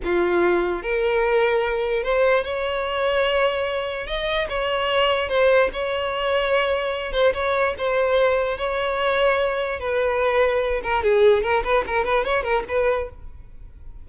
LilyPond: \new Staff \with { instrumentName = "violin" } { \time 4/4 \tempo 4 = 147 f'2 ais'2~ | ais'4 c''4 cis''2~ | cis''2 dis''4 cis''4~ | cis''4 c''4 cis''2~ |
cis''4. c''8 cis''4 c''4~ | c''4 cis''2. | b'2~ b'8 ais'8 gis'4 | ais'8 b'8 ais'8 b'8 cis''8 ais'8 b'4 | }